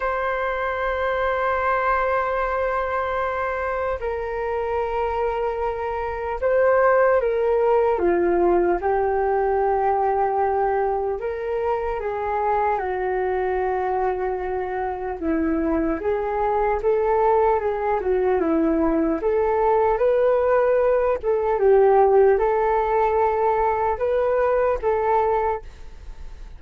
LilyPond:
\new Staff \with { instrumentName = "flute" } { \time 4/4 \tempo 4 = 75 c''1~ | c''4 ais'2. | c''4 ais'4 f'4 g'4~ | g'2 ais'4 gis'4 |
fis'2. e'4 | gis'4 a'4 gis'8 fis'8 e'4 | a'4 b'4. a'8 g'4 | a'2 b'4 a'4 | }